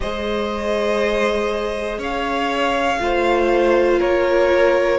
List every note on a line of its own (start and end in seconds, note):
0.00 1.98 G#3
0.00 2.98 G#4
0.00 1.99 C5
0.00 2.00 D#5
1.98 2.98 C#4
1.98 2.99 C#5
1.98 4.00 F5
2.98 4.00 A3
2.98 4.98 F4
2.98 3.99 C5
3.99 4.98 A#3
3.99 4.98 A#4
3.99 4.98 C#5